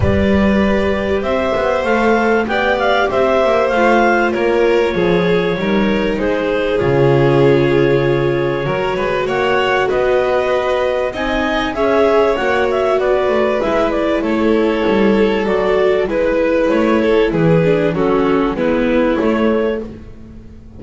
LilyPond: <<
  \new Staff \with { instrumentName = "clarinet" } { \time 4/4 \tempo 4 = 97 d''2 e''4 f''4 | g''8 f''8 e''4 f''4 cis''4~ | cis''2 c''4 cis''4~ | cis''2. fis''4 |
dis''2 gis''4 e''4 | fis''8 e''8 d''4 e''8 d''8 cis''4~ | cis''4 d''4 b'4 cis''4 | b'4 a'4 b'4 cis''4 | }
  \new Staff \with { instrumentName = "violin" } { \time 4/4 b'2 c''2 | d''4 c''2 ais'4 | gis'4 ais'4 gis'2~ | gis'2 ais'8 b'8 cis''4 |
b'2 dis''4 cis''4~ | cis''4 b'2 a'4~ | a'2 b'4. a'8 | gis'4 fis'4 e'2 | }
  \new Staff \with { instrumentName = "viola" } { \time 4/4 g'2. a'4 | g'2 f'2~ | f'4 dis'2 f'4~ | f'2 fis'2~ |
fis'2 dis'4 gis'4 | fis'2 e'2~ | e'4 fis'4 e'2~ | e'8 d'8 cis'4 b4 a4 | }
  \new Staff \with { instrumentName = "double bass" } { \time 4/4 g2 c'8 b8 a4 | b4 c'8 ais8 a4 ais4 | f4 g4 gis4 cis4~ | cis2 fis8 gis8 ais4 |
b2 c'4 cis'4 | ais4 b8 a8 gis4 a4 | g4 fis4 gis4 a4 | e4 fis4 gis4 a4 | }
>>